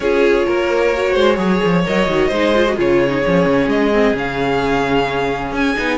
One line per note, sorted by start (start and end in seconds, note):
0.00 0.46 C#4
0.00 0.95 F4
0.00 0.46 G#4
0.00 1.84 C#5
0.46 1.15 A#3
0.46 1.13 A#4
0.95 1.37 F#4
1.13 1.37 G#3
1.13 1.36 C5
1.37 1.60 F#3
1.37 1.83 G#4
1.37 2.28 C#5
1.63 1.86 F3
1.85 2.07 F#3
1.85 2.08 A#4
1.85 2.78 D#5
2.07 2.30 D#3
2.07 2.31 F#4
2.28 2.77 G#3
2.28 2.54 D#4
2.28 2.74 C5
2.54 2.66 F4
2.66 2.76 F#4
2.76 3.24 C#3
2.76 3.08 F4
2.76 5.98 G#4
2.76 3.69 C#5
3.08 3.20 D#4
3.24 3.45 F3
3.24 3.92 C#4
3.45 3.67 C#3
3.67 4.13 G#3
3.67 4.15 D#5
3.92 4.14 C4
4.14 5.51 C#3
4.14 5.76 C#4
4.14 5.54 F5
5.51 5.75 C#4
5.51 5.98 G#5
5.76 5.98 B3
5.76 5.98 D#4